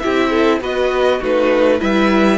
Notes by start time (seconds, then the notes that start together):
0.00 E4 G4 E5
0.07 C4
0.31 A4
0.61 B3 F#4 B4 D#5
1.19 A3 D#4 F#4 B4
1.79 G3 E4 B4 E5